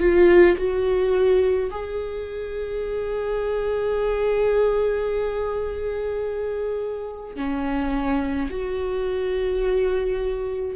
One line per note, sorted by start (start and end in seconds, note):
0.00 0.57 F4
0.57 1.70 F#4
1.71 7.36 G#4
7.36 8.49 C#4
8.51 10.76 F#4